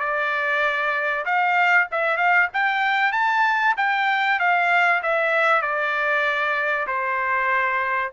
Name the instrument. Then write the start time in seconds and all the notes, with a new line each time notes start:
trumpet
0.00 D5
1.26 F5
1.92 E5
2.17 F5
2.54 G5
3.12 A5
3.77 G5
4.39 F5
5.03 E5
5.62 D5
6.87 C5